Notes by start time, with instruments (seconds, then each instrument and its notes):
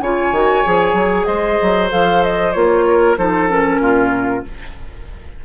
0.00 bassoon C#3, clarinet F4, oboe C#5, flute G#5
0.31 bassoon D#3, clarinet F#4
0.64 bassoon F3, clarinet G#4
0.93 bassoon F#3
1.25 bassoon G#3, oboe C5, flute D#5
1.62 bassoon F#3
1.89 bassoon F3, clarinet A4, flute F5
2.23 flute D#5
2.52 bassoon A#3, clarinet F4, flute C#5
2.88 oboe A#4
3.17 bassoon F3, clarinet D#4, oboe A4, flute C5
3.49 clarinet C#4, flute A#4
3.79 bassoon A#2, oboe F4